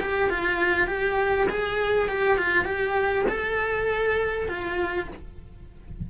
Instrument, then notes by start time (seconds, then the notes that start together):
cello
0.00 G4
0.30 F4
0.87 G4
1.49 G#4
2.08 G4
2.37 F4
2.65 G4
3.28 A4
4.48 F4